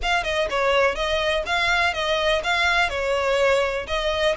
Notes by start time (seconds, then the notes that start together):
0.02 F5
0.23 D#5
0.49 C#5
0.95 D#5
1.46 F5
1.93 D#5
2.43 F5
2.89 C#5
3.87 D#5